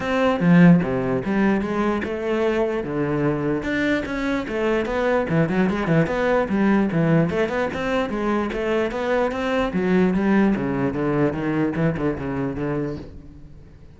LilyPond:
\new Staff \with { instrumentName = "cello" } { \time 4/4 \tempo 4 = 148 c'4 f4 c4 g4 | gis4 a2 d4~ | d4 d'4 cis'4 a4 | b4 e8 fis8 gis8 e8 b4 |
g4 e4 a8 b8 c'4 | gis4 a4 b4 c'4 | fis4 g4 cis4 d4 | dis4 e8 d8 cis4 d4 | }